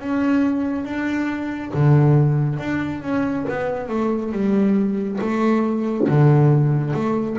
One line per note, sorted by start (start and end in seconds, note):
0.00 0.85 C#4
0.85 1.72 D4
1.74 2.59 D3
2.59 3.02 D4
3.02 3.46 C#4
3.49 3.89 B3
3.89 4.32 A3
4.32 5.19 G3
5.21 6.08 A3
6.08 6.93 D3
6.93 7.37 A3